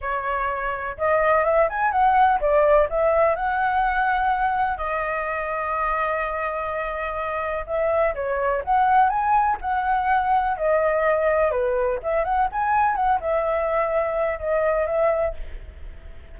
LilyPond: \new Staff \with { instrumentName = "flute" } { \time 4/4 \tempo 4 = 125 cis''2 dis''4 e''8 gis''8 | fis''4 d''4 e''4 fis''4~ | fis''2 dis''2~ | dis''1 |
e''4 cis''4 fis''4 gis''4 | fis''2 dis''2 | b'4 e''8 fis''8 gis''4 fis''8 e''8~ | e''2 dis''4 e''4 | }